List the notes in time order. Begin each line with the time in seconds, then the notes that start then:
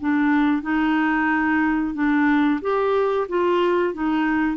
0.00 D4
0.62 D#4
1.94 D4
2.62 G4
3.29 F4
3.94 D#4